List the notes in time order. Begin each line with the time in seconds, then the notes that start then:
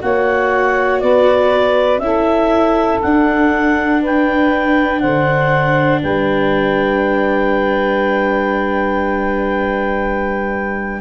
0.00 A#3 F#4 C#5 F#5
1.00 B3 B4 D5
1.99 C#4 E4 A4 E5
3.02 D4 F#5
4.02 B4 G5
5.00 D3 C5 F#5
6.02 G3 B4 G5